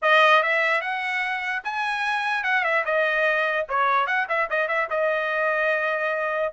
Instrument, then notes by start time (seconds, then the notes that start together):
trumpet
0.01 D#5
0.42 E5
0.81 F#5
1.64 G#5
2.43 F#5
2.63 E5
2.85 D#5
3.68 C#5
4.06 F#5
4.29 E5
4.50 D#5
4.68 E5
4.90 D#5